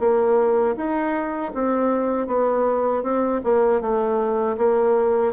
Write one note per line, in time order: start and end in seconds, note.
0.00 0.76 A#3
0.77 1.53 D#4
1.54 2.28 C4
2.28 3.03 B3
3.03 3.41 C4
3.44 3.81 A#3
3.81 4.57 A3
4.58 5.33 A#3